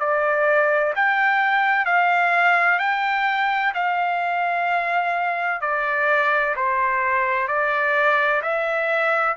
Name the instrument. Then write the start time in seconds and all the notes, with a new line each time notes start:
trumpet
0.00 D5
0.95 G5
1.86 F5
2.79 G5
3.74 F5
5.61 D5
6.56 C5
7.48 D5
8.42 E5